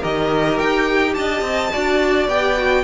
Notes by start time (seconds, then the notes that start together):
0.00 D#3 G4 A#4 D#5
0.59 D#4 G5
1.15 D4 D#5 A5
1.42 C4
1.73 D4 F#4 D5
2.28 B3 G4 G5
2.58 F#4